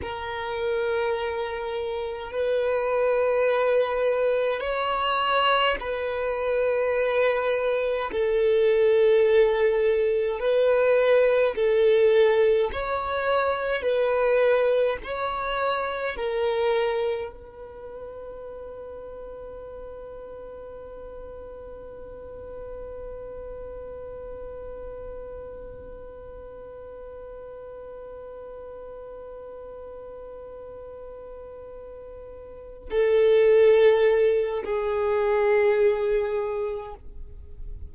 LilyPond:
\new Staff \with { instrumentName = "violin" } { \time 4/4 \tempo 4 = 52 ais'2 b'2 | cis''4 b'2 a'4~ | a'4 b'4 a'4 cis''4 | b'4 cis''4 ais'4 b'4~ |
b'1~ | b'1~ | b'1~ | b'8 a'4. gis'2 | }